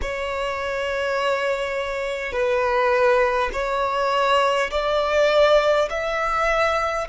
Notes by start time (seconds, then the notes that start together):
0.01 C#5
2.32 B4
3.52 C#5
4.71 D5
5.89 E5